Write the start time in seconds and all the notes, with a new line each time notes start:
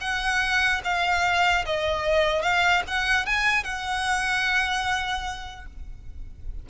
0.00 F#5
0.84 F5
1.65 D#5
2.42 F5
2.87 F#5
3.25 G#5
3.63 F#5